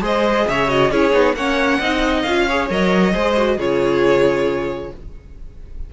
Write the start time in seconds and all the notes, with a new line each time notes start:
0.00 G#3 G#4 C5 D#5
0.48 C#3 C#5 E5
0.67 F#4 D#5
0.90 C#4 E4 G#4 C#5
1.11 B3 D#4
1.33 A#3 C#4 C#5 F#5
1.78 C4 D#4 D#5
2.22 C#4 F4 F5
2.47 G#4 C#5
2.69 F#3 A#4 D#5
3.13 G#3 G#4 C5
3.36 F#4
3.56 C#3 F4 G#4 C#5